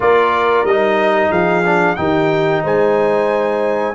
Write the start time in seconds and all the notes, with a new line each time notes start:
0.00 A#3 F4 A#4 D5
0.64 G3 D#4 D#5
1.30 F3 G#4 F5
1.64 D4
1.95 D#3 D#4 G4 G5
2.63 G#3 C5 G#5